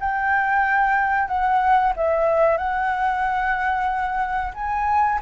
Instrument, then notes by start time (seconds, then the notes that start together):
flute
0.00 G5
1.28 F#5
1.96 E5
2.58 F#5
4.54 G#5